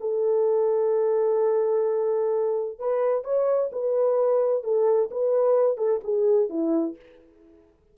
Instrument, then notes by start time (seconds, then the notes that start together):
horn
0.00 A4
2.79 B4
3.24 C#5
3.72 B4
4.63 A4
5.11 B4
5.77 A4
6.04 G#4
6.49 E4